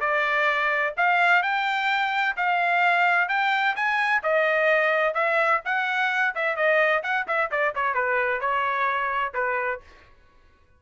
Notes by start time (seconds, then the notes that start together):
0.00 D5
0.97 F5
1.42 G5
2.36 F5
3.28 G5
3.75 G#5
4.23 D#5
5.14 E5
5.64 F#5
6.35 E5
6.56 D#5
7.03 F#5
7.27 E5
7.51 D5
7.75 C#5
7.94 B4
8.40 C#5
9.34 B4